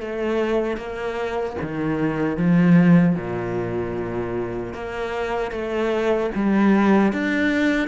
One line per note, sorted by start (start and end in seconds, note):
0.00 0.77 A3
0.77 1.56 A#3
1.61 2.37 D#3
2.37 3.16 F3
3.16 4.74 A#2
4.74 5.51 A#3
5.51 6.30 A3
6.35 7.12 G3
7.12 7.88 D4